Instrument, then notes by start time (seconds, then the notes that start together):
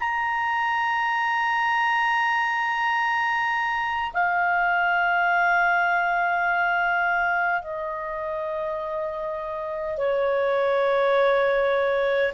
clarinet
0.00 A#5
4.13 F5
7.62 D#5
9.97 C#5